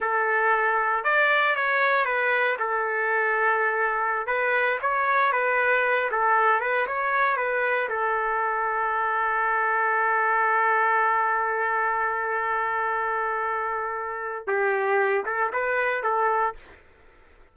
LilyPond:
\new Staff \with { instrumentName = "trumpet" } { \time 4/4 \tempo 4 = 116 a'2 d''4 cis''4 | b'4 a'2.~ | a'16 b'4 cis''4 b'4. a'16~ | a'8. b'8 cis''4 b'4 a'8.~ |
a'1~ | a'1~ | a'1 | g'4. a'8 b'4 a'4 | }